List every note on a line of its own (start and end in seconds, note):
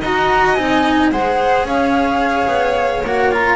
0.00 0.56 D#4
0.00 0.57 F#4
0.00 1.10 D#5
0.00 0.54 A#5
0.54 1.11 C4
0.54 1.12 D#4
0.54 1.09 G#5
1.11 1.63 G#3
1.11 3.04 G#4
1.11 1.66 C5
1.11 1.66 F#5
1.63 2.46 C#4
1.63 3.56 C#5
1.63 3.04 F5
2.47 3.02 B3
3.03 3.56 A#3
3.03 3.32 F#4
3.03 3.32 F#5
3.32 3.56 F4
3.32 3.56 A#5